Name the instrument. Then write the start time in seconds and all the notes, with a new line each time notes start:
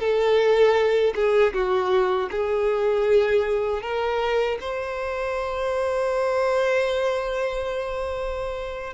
violin
0.00 A4
1.15 G#4
1.53 F#4
2.31 G#4
3.82 A#4
4.60 C5